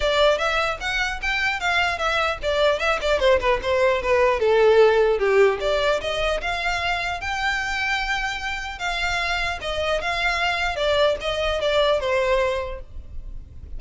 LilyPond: \new Staff \with { instrumentName = "violin" } { \time 4/4 \tempo 4 = 150 d''4 e''4 fis''4 g''4 | f''4 e''4 d''4 e''8 d''8 | c''8 b'8 c''4 b'4 a'4~ | a'4 g'4 d''4 dis''4 |
f''2 g''2~ | g''2 f''2 | dis''4 f''2 d''4 | dis''4 d''4 c''2 | }